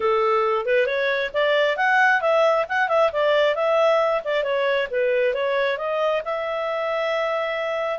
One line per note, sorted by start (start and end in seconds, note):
0.00 0.65 A4
0.65 0.86 B4
0.86 1.30 C#5
1.33 1.76 D5
1.76 2.21 F#5
2.21 2.65 E5
2.68 2.88 F#5
2.88 3.10 E5
3.12 3.55 D5
3.55 4.21 E5
4.24 4.43 D5
4.43 4.87 C#5
4.91 5.34 B4
5.34 5.77 C#5
5.77 6.22 D#5
6.24 7.99 E5